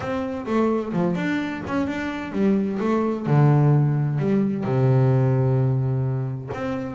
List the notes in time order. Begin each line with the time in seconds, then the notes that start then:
0.00 C4
0.45 A3
0.93 F3
1.15 D4
1.67 C#4
1.87 D4
2.32 G3
2.79 A3
3.26 D3
4.19 G3
4.64 C3
6.53 C4